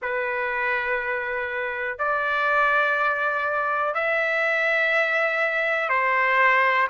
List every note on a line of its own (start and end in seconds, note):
0.02 1.98 B4
1.98 3.94 D5
3.94 5.89 E5
5.89 6.87 C5